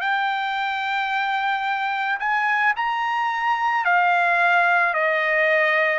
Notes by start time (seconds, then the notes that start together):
0.00 G5
2.19 G#5
2.76 A#5
3.84 F5
4.93 D#5